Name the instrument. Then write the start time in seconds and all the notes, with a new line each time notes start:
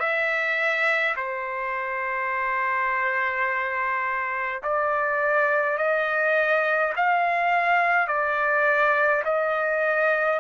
trumpet
0.00 E5
1.17 C5
4.64 D5
5.78 D#5
6.97 F5
8.08 D5
9.25 D#5